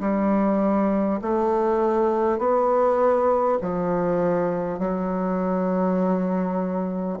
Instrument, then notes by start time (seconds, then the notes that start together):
bassoon
0.00 G3
1.21 A3
2.38 B3
3.61 F3
4.78 F#3